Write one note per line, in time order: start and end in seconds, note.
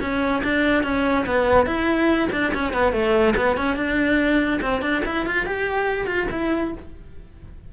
0.00 0.42 C#4
0.43 0.83 D4
0.83 1.25 C#4
1.26 1.66 B3
1.66 2.28 E4
2.32 2.53 D4
2.54 2.73 C#4
2.73 2.92 B3
2.92 3.34 A3
3.36 3.56 B3
3.56 3.76 C#4
3.76 4.60 D4
4.62 4.81 C4
4.81 5.02 D4
5.05 5.26 E4
5.26 5.46 F4
5.46 6.06 G4
6.06 6.27 F4
6.31 6.73 E4